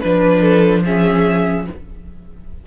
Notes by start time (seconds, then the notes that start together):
0.00 F3 D4 B4
0.41 A4
0.85 C#4 G#4 E5